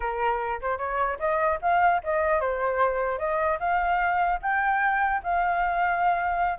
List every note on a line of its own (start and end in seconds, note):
0.00 0.60 A#4
0.61 0.78 C5
0.78 1.18 C#5
1.19 1.59 D#5
1.61 2.01 F5
2.03 2.40 D#5
2.40 3.18 C5
3.18 3.58 D#5
3.59 4.39 F5
4.41 5.21 G5
5.23 6.58 F5